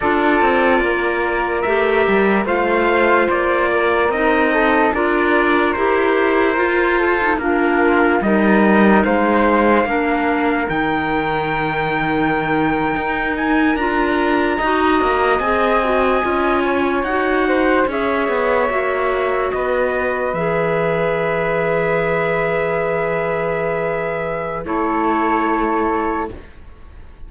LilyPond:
<<
  \new Staff \with { instrumentName = "trumpet" } { \time 4/4 \tempo 4 = 73 d''2 e''4 f''4 | d''4 dis''4 d''4 c''4~ | c''4 ais'4 dis''4 f''4~ | f''4 g''2.~ |
g''16 gis''8 ais''2 gis''4~ gis''16~ | gis''8. fis''4 e''2 dis''16~ | dis''8. e''2.~ e''16~ | e''2 cis''2 | }
  \new Staff \with { instrumentName = "flute" } { \time 4/4 a'4 ais'2 c''4~ | c''8 ais'4 a'8 ais'2~ | ais'8 a'8 f'4 ais'4 c''4 | ais'1~ |
ais'4.~ ais'16 dis''2~ dis''16~ | dis''16 cis''4 c''8 cis''2 b'16~ | b'1~ | b'2 a'2 | }
  \new Staff \with { instrumentName = "clarinet" } { \time 4/4 f'2 g'4 f'4~ | f'4 dis'4 f'4 g'4 | f'8. dis'16 d'4 dis'2 | d'4 dis'2.~ |
dis'8. f'4 fis'4 gis'8 fis'8 f'16~ | f'8. fis'4 gis'4 fis'4~ fis'16~ | fis'8. gis'2.~ gis'16~ | gis'2 e'2 | }
  \new Staff \with { instrumentName = "cello" } { \time 4/4 d'8 c'8 ais4 a8 g8 a4 | ais4 c'4 d'4 e'4 | f'4 ais4 g4 gis4 | ais4 dis2~ dis8. dis'16~ |
dis'8. d'4 dis'8 ais8 c'4 cis'16~ | cis'8. dis'4 cis'8 b8 ais4 b16~ | b8. e2.~ e16~ | e2 a2 | }
>>